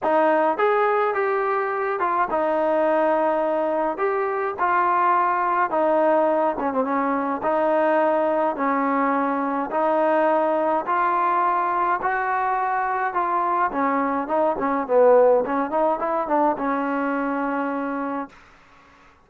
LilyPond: \new Staff \with { instrumentName = "trombone" } { \time 4/4 \tempo 4 = 105 dis'4 gis'4 g'4. f'8 | dis'2. g'4 | f'2 dis'4. cis'16 c'16 | cis'4 dis'2 cis'4~ |
cis'4 dis'2 f'4~ | f'4 fis'2 f'4 | cis'4 dis'8 cis'8 b4 cis'8 dis'8 | e'8 d'8 cis'2. | }